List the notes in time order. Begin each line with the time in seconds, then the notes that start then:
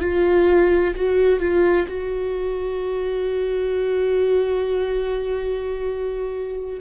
0.00 F4
0.95 F#4
1.39 F4
1.87 F#4